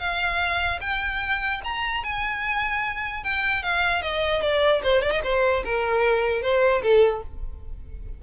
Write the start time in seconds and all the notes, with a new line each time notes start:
0.00 F5
0.81 G5
1.65 A#5
2.04 G#5
3.24 G5
3.63 F5
4.03 D#5
4.42 D5
4.84 C5
5.02 D5
5.12 D#5
5.24 C5
5.65 A#4
6.42 C5
6.83 A4